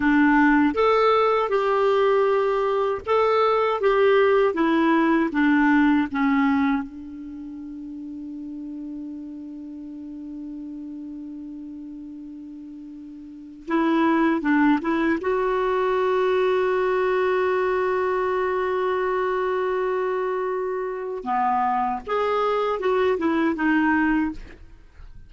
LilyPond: \new Staff \with { instrumentName = "clarinet" } { \time 4/4 \tempo 4 = 79 d'4 a'4 g'2 | a'4 g'4 e'4 d'4 | cis'4 d'2.~ | d'1~ |
d'2 e'4 d'8 e'8 | fis'1~ | fis'1 | b4 gis'4 fis'8 e'8 dis'4 | }